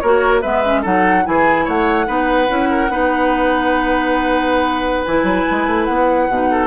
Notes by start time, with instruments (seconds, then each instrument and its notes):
0.00 bassoon A#3, clarinet F#4, oboe A#4, flute C#5
0.41 bassoon G#3, clarinet B3, oboe B4, flute E5
0.64 clarinet C#4
0.82 bassoon F#3, clarinet D#4, oboe A4, flute F#5
1.25 bassoon E3, clarinet E4, oboe G#4, flute G#5
1.65 bassoon A3, oboe C#5, flute F#5
2.07 bassoon B3, clarinet D#4, oboe B4
2.48 bassoon C#4, clarinet E4
2.70 oboe A#4
2.89 bassoon B3, clarinet D#4, oboe B4
5.06 bassoon E3, clarinet E4, flute G#5
5.23 bassoon F#3
5.51 bassoon G#3
5.67 bassoon A3
5.85 bassoon B3, flute F#5
6.29 bassoon B2, clarinet D#4
6.51 oboe A4